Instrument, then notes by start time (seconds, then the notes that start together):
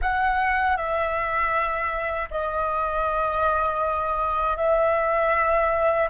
flute
0.01 F#5
0.76 E5
2.30 D#5
4.56 E5